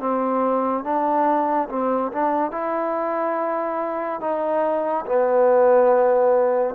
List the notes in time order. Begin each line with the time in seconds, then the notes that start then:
0.00 C4
0.84 D4
1.69 C4
2.12 D4
2.52 E4
4.21 D#4
5.06 B3